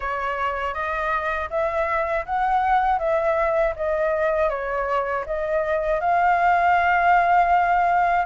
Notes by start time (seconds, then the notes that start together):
0.00 C#5
0.74 D#5
1.50 E5
2.25 F#5
2.98 E5
3.76 D#5
4.49 C#5
5.25 D#5
6.00 F5